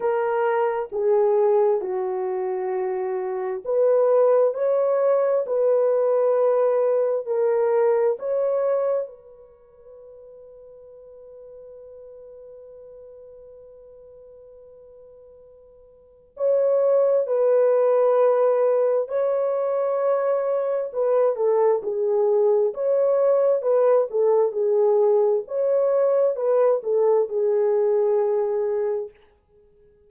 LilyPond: \new Staff \with { instrumentName = "horn" } { \time 4/4 \tempo 4 = 66 ais'4 gis'4 fis'2 | b'4 cis''4 b'2 | ais'4 cis''4 b'2~ | b'1~ |
b'2 cis''4 b'4~ | b'4 cis''2 b'8 a'8 | gis'4 cis''4 b'8 a'8 gis'4 | cis''4 b'8 a'8 gis'2 | }